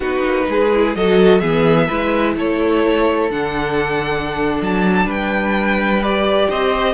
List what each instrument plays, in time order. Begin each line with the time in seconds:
0.00 cello B3, viola D#4, violin F#4 B4
0.23 cello A#3
0.48 cello G#3, violin G#4
0.73 viola E4
0.95 cello F#3, viola F#4, violin A4 D#5
1.39 cello E3, viola B3, violin G#4 E5
1.87 cello G#3, viola E4, violin B4
2.36 cello A3, violin A4 C#5
3.30 cello D3, viola D4, violin F#5
4.61 cello F#3, violin A5
5.05 cello G3, violin B4 G5
6.02 viola G4, violin D5
6.50 cello C4, violin C5 D#5